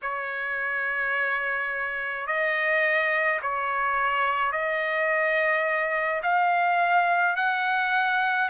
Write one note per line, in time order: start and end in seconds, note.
0.02 2.26 C#5
2.26 3.40 D#5
3.42 4.51 C#5
4.51 6.21 D#5
6.23 7.36 F5
7.36 8.49 F#5